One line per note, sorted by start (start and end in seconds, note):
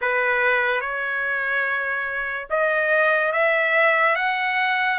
0.01 0.81 B4
0.81 2.47 C#5
2.50 3.32 D#5
3.32 4.15 E5
4.15 4.98 F#5